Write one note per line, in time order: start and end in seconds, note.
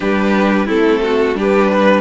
0.00 0.67 G3
0.00 0.67 D4
0.00 0.65 G4
0.00 0.67 B4
0.65 1.35 A3
0.65 1.35 C4
0.65 0.99 E4
0.65 1.37 A4
1.03 1.37 F#4
1.35 2.00 G3
1.35 2.00 D4
1.35 1.70 G4
1.41 2.00 B4
1.70 2.00 B4